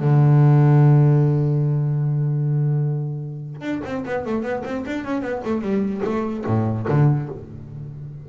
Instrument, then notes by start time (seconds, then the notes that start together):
double bass
0.00 D3
3.61 D4
3.85 C4
4.06 B3
4.26 A3
4.43 B3
4.65 C4
4.87 D4
5.05 C#4
5.22 B3
5.45 A3
5.62 G3
6.05 A3
6.46 A2
6.89 D3